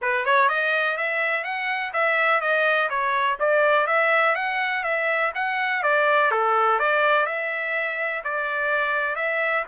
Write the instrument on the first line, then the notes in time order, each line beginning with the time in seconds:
trumpet
0.01 B4
0.25 C#5
0.49 D#5
0.97 E5
1.43 F#5
1.93 E5
2.40 D#5
2.89 C#5
3.39 D5
3.86 E5
4.35 F#5
4.83 E5
5.34 F#5
5.82 D5
6.31 A4
6.79 D5
7.26 E5
8.24 D5
9.15 E5